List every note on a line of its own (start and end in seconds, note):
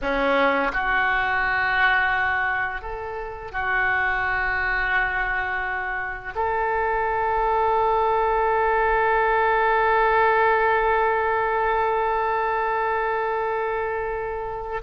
0.01 0.72 C#4
0.73 2.81 F#4
2.81 3.51 A4
3.51 6.33 F#4
6.35 14.82 A4